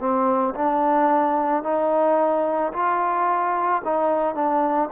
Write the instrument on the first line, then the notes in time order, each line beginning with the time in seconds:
trombone
0.00 C4
0.55 D4
1.64 D#4
2.73 F4
3.85 D#4
4.35 D4